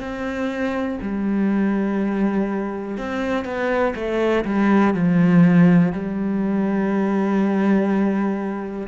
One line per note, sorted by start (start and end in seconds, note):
0.00 0.98 C4
1.02 2.98 G3
2.98 3.45 C4
3.45 3.94 B3
3.95 4.44 A3
4.45 4.94 G3
4.94 5.92 F3
5.92 8.87 G3